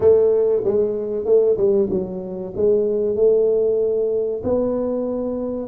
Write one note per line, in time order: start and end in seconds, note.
0.00 0.63 A3
0.64 1.25 G#3
1.25 1.56 A3
1.57 1.88 G3
1.89 2.53 F#3
2.56 3.16 G#3
3.16 4.42 A3
4.43 5.68 B3